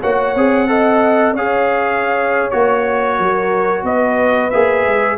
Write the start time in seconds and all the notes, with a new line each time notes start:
0.00 A#3 F#4 C#5 F#5
0.35 C4 G#4
0.68 A4 D#5
1.32 C#4 G#4 C#5 F5
2.50 A#3 F#4 C#5
3.17 F#3 A#4
3.83 B3 B4 D#5
4.50 A#3 G#4 E5
4.85 G#3